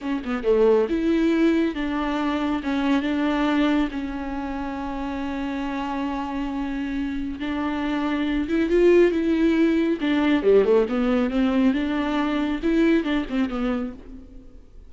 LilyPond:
\new Staff \with { instrumentName = "viola" } { \time 4/4 \tempo 4 = 138 cis'8 b8 a4 e'2 | d'2 cis'4 d'4~ | d'4 cis'2.~ | cis'1~ |
cis'4 d'2~ d'8 e'8 | f'4 e'2 d'4 | g8 a8 b4 c'4 d'4~ | d'4 e'4 d'8 c'8 b4 | }